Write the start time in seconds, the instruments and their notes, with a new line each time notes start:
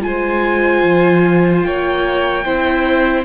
0.00 cello G#3, viola F4, violin C5 G#5
0.82 cello F3
1.63 cello A#3, violin C#5 G5
2.44 cello C4, viola E4, violin C5